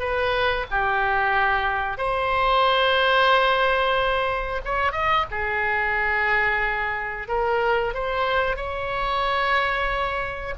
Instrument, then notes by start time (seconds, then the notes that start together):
oboe
0.00 B4
0.71 G4
1.98 C5
4.65 C#5
4.92 D#5
5.31 G#4
7.28 A#4
7.94 C5
8.57 C#5